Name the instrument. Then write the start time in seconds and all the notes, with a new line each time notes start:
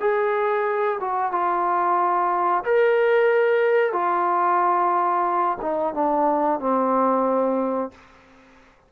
trombone
0.00 G#4
1.00 F#4
1.32 F4
2.65 A#4
3.93 F4
5.61 D#4
5.94 D4
6.60 C4